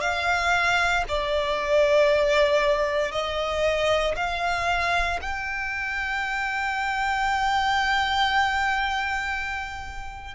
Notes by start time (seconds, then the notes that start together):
0.00 F5
1.08 D5
3.11 D#5
4.16 F5
5.21 G5